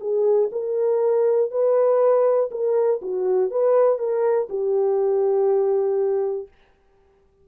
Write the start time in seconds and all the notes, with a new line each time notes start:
0.00 G#4
0.51 A#4
1.51 B4
2.51 A#4
3.02 F#4
3.50 B4
3.98 A#4
4.49 G4